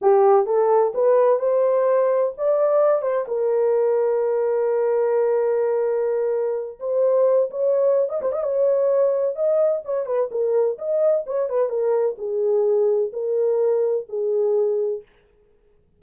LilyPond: \new Staff \with { instrumentName = "horn" } { \time 4/4 \tempo 4 = 128 g'4 a'4 b'4 c''4~ | c''4 d''4. c''8 ais'4~ | ais'1~ | ais'2~ ais'8 c''4. |
cis''4~ cis''16 dis''16 c''16 dis''16 cis''2 | dis''4 cis''8 b'8 ais'4 dis''4 | cis''8 b'8 ais'4 gis'2 | ais'2 gis'2 | }